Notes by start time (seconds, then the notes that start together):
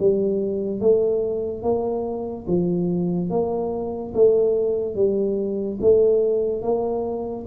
0.00 G3
0.81 A3
1.63 A#3
2.47 F3
3.30 A#3
4.15 A3
4.96 G3
5.81 A3
6.62 A#3